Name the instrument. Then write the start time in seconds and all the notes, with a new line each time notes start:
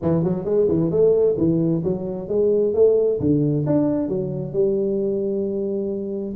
tuba
0.02 E3
0.23 F#3
0.44 G#3
0.68 E3
0.90 A3
1.37 E3
1.83 F#3
2.28 G#3
2.74 A3
3.20 D3
3.66 D4
4.08 F#3
4.53 G3